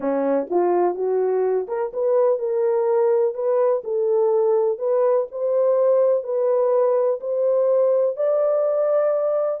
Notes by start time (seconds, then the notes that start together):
0.00 C#4
0.50 F4
0.94 F#4
1.68 A#4
1.93 B4
2.39 A#4
3.34 B4
3.84 A4
4.78 B4
5.31 C5
6.23 B4
7.20 C5
8.16 D5